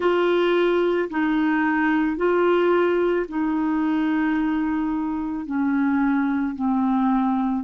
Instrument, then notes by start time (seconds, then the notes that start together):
clarinet
0.00 F4
1.10 D#4
2.16 F4
3.28 D#4
5.45 C#4
6.55 C4